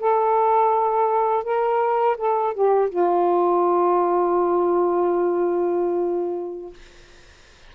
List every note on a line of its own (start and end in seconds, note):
0.00 1.44 A4
1.44 2.17 A#4
2.18 2.54 A4
2.54 2.90 G4
2.90 6.74 F4